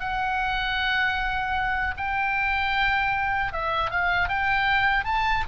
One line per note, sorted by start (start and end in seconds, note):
0.00 1.95 F#5
1.97 3.53 G5
3.53 3.91 E5
3.91 4.29 F5
4.29 5.05 G5
5.05 5.44 A5